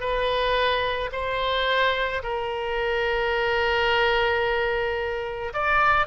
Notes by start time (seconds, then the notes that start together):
0.00 B4
1.12 C5
2.23 A#4
5.53 D5